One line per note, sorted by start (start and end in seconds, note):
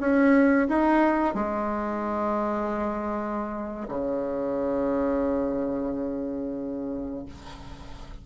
0.00 0.67 C#4
0.68 1.34 D#4
1.34 3.87 G#3
3.88 7.25 C#3